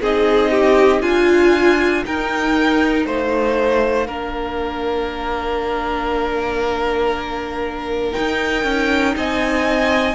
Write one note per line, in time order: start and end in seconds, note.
0.00 1.02 C4
0.00 1.04 D#4
0.00 0.51 G#4
0.00 1.01 D#5
0.51 1.01 G4
1.01 2.04 D4
1.01 2.03 F4
1.01 2.04 F4
1.01 2.03 G#5
2.04 4.07 D#4
2.04 3.05 D#4
2.04 3.06 A#4
2.04 3.05 G5
3.05 4.07 A3
3.05 4.07 C5
3.05 8.13 F5
4.07 8.14 A#3
4.07 8.12 D4
4.07 9.15 A#4
8.12 10.15 D#4
8.12 9.15 G5
8.18 8.64 D#4
8.64 9.14 C#4
9.16 10.15 C4
9.16 10.15 D#5
9.16 10.15 G#5